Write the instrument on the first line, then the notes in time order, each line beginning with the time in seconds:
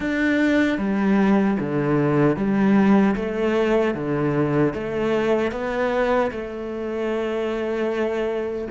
cello
0.00 D4
0.78 G3
1.59 D3
2.36 G3
3.15 A3
3.94 D3
4.73 A3
5.51 B3
6.31 A3